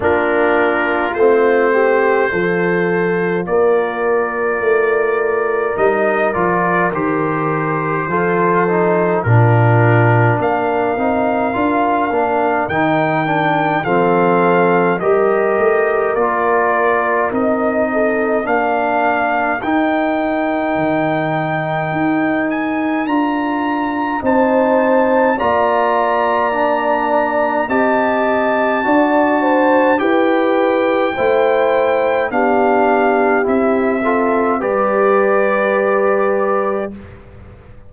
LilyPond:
<<
  \new Staff \with { instrumentName = "trumpet" } { \time 4/4 \tempo 4 = 52 ais'4 c''2 d''4~ | d''4 dis''8 d''8 c''2 | ais'4 f''2 g''4 | f''4 dis''4 d''4 dis''4 |
f''4 g''2~ g''8 gis''8 | ais''4 a''4 ais''2 | a''2 g''2 | f''4 e''4 d''2 | }
  \new Staff \with { instrumentName = "horn" } { \time 4/4 f'4. g'8 a'4 ais'4~ | ais'2. a'4 | f'4 ais'2. | a'4 ais'2~ ais'8 a'8 |
ais'1~ | ais'4 c''4 d''2 | dis''4 d''8 c''8 b'4 c''4 | g'4. a'8 b'2 | }
  \new Staff \with { instrumentName = "trombone" } { \time 4/4 d'4 c'4 f'2~ | f'4 dis'8 f'8 g'4 f'8 dis'8 | d'4. dis'8 f'8 d'8 dis'8 d'8 | c'4 g'4 f'4 dis'4 |
d'4 dis'2. | f'4 dis'4 f'4 d'4 | g'4 fis'4 g'4 e'4 | d'4 e'8 f'8 g'2 | }
  \new Staff \with { instrumentName = "tuba" } { \time 4/4 ais4 a4 f4 ais4 | a4 g8 f8 dis4 f4 | ais,4 ais8 c'8 d'8 ais8 dis4 | f4 g8 a8 ais4 c'4 |
ais4 dis'4 dis4 dis'4 | d'4 c'4 ais2 | c'4 d'4 e'4 a4 | b4 c'4 g2 | }
>>